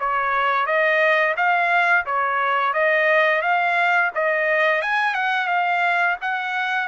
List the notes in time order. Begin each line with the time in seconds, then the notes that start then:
0.00 C#5
0.66 D#5
1.37 F5
2.06 C#5
2.74 D#5
3.42 F5
4.15 D#5
4.82 G#5
5.15 F#5
5.48 F5
6.22 F#5